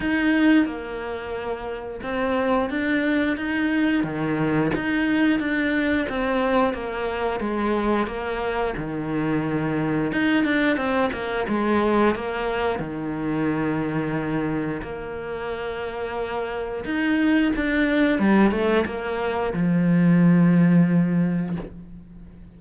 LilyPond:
\new Staff \with { instrumentName = "cello" } { \time 4/4 \tempo 4 = 89 dis'4 ais2 c'4 | d'4 dis'4 dis4 dis'4 | d'4 c'4 ais4 gis4 | ais4 dis2 dis'8 d'8 |
c'8 ais8 gis4 ais4 dis4~ | dis2 ais2~ | ais4 dis'4 d'4 g8 a8 | ais4 f2. | }